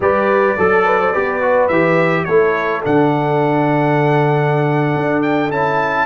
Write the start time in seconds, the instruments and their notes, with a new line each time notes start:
0.00 tuba G3, trombone G4, horn B4, trumpet D5
0.57 tuba F#3, horn A4, trombone A4
0.85 horn B4
0.99 horn C5
1.12 tuba B3, trombone G4, horn B4
1.41 trombone F#4
1.68 tuba E3, trombone G4, trumpet E5
2.24 tuba A3, trombone E4, horn A4, trumpet C#5
2.83 tuba D3, trombone D4, trumpet F#5
4.95 tuba D4
5.22 trumpet G5
5.50 tuba C#4, trombone E4, trumpet A5